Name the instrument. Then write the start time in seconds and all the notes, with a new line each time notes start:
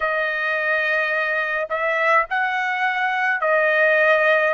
trumpet
0.00 D#5
1.69 E5
2.30 F#5
3.41 D#5